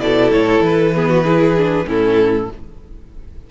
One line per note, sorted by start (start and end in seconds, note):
0.00 0.31 B2
0.00 0.93 E4
0.00 0.96 A4
0.00 0.31 D5
0.31 0.60 A2
0.31 0.63 C#5
0.60 1.84 E3
0.60 1.89 B4
0.95 1.25 B3
0.95 1.09 G#4
1.09 1.24 F#4
1.24 1.56 E4
1.24 1.85 G#4
1.58 1.86 D4
1.86 2.48 A2
1.86 2.48 C#4
1.86 2.50 E4
1.86 2.51 A4